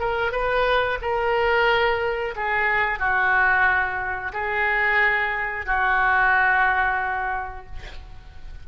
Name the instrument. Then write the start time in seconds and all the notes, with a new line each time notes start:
oboe
0.00 A#4
0.32 B4
1.01 A#4
2.36 G#4
2.99 F#4
4.33 G#4
5.66 F#4